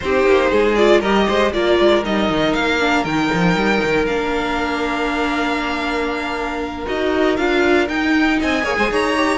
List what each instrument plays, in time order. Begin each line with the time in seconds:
0.00 cello C4, viola D#4, violin G4 C5
0.26 cello A#3
0.50 cello G#3, violin G#4
0.75 viola F4, violin D5
1.00 cello G3, viola G4, violin A#4 D#5
1.28 cello G#3, violin C5
1.52 cello A#3, viola F4, violin A#4 D5
1.79 cello G#3
2.04 cello G3, viola D#4, violin D#5
2.29 cello D#3
2.53 cello A#3, violin F5
2.79 viola D4
3.03 cello D#3, viola D#4, violin G5
3.33 cello F3
3.55 cello G3
3.83 cello D#3
4.05 cello A#3, viola D4, violin F5
6.86 cello D#4, viola F#4, violin D#5
7.36 cello D4, viola F4, violin F5
7.88 cello D#4, viola D#4, violin G5
8.39 cello C4, violin D#5 G#5
8.62 cello A#3, viola G#4, violin C#5
8.77 cello G#3, violin C5
8.90 cello D#4, violin C#5 A#5
9.17 viola G4